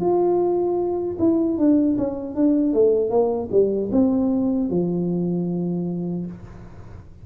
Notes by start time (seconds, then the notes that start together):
0.00 F4
1.19 E4
1.58 D4
1.98 C#4
2.35 D4
2.73 A3
3.10 A#3
3.51 G3
3.92 C4
4.70 F3